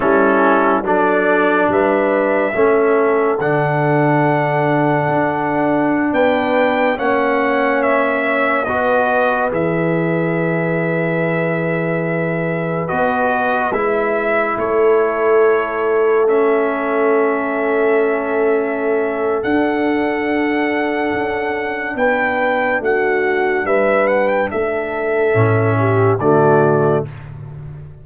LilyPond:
<<
  \new Staff \with { instrumentName = "trumpet" } { \time 4/4 \tempo 4 = 71 a'4 d''4 e''2 | fis''2.~ fis''16 g''8.~ | g''16 fis''4 e''4 dis''4 e''8.~ | e''2.~ e''16 dis''8.~ |
dis''16 e''4 cis''2 e''8.~ | e''2. fis''4~ | fis''2 g''4 fis''4 | e''8 fis''16 g''16 e''2 d''4 | }
  \new Staff \with { instrumentName = "horn" } { \time 4/4 e'4 a'4 b'4 a'4~ | a'2.~ a'16 b'8.~ | b'16 cis''2 b'4.~ b'16~ | b'1~ |
b'4~ b'16 a'2~ a'8.~ | a'1~ | a'2 b'4 fis'4 | b'4 a'4. g'8 fis'4 | }
  \new Staff \with { instrumentName = "trombone" } { \time 4/4 cis'4 d'2 cis'4 | d'1~ | d'16 cis'2 fis'4 gis'8.~ | gis'2.~ gis'16 fis'8.~ |
fis'16 e'2. cis'8.~ | cis'2. d'4~ | d'1~ | d'2 cis'4 a4 | }
  \new Staff \with { instrumentName = "tuba" } { \time 4/4 g4 fis4 g4 a4 | d2 d'4~ d'16 b8.~ | b16 ais2 b4 e8.~ | e2.~ e16 b8.~ |
b16 gis4 a2~ a8.~ | a2. d'4~ | d'4 cis'4 b4 a4 | g4 a4 a,4 d4 | }
>>